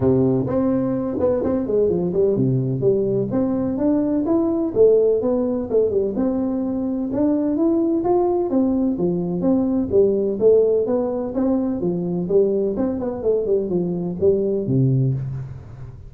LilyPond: \new Staff \with { instrumentName = "tuba" } { \time 4/4 \tempo 4 = 127 c4 c'4. b8 c'8 gis8 | f8 g8 c4 g4 c'4 | d'4 e'4 a4 b4 | a8 g8 c'2 d'4 |
e'4 f'4 c'4 f4 | c'4 g4 a4 b4 | c'4 f4 g4 c'8 b8 | a8 g8 f4 g4 c4 | }